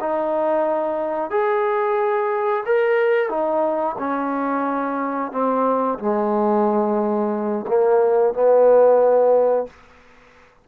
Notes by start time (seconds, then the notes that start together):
0.00 D#4
1.31 G#4
2.65 A#4
3.29 D#4
3.98 C#4
5.32 C4
5.99 G#3
7.68 A#3
8.34 B3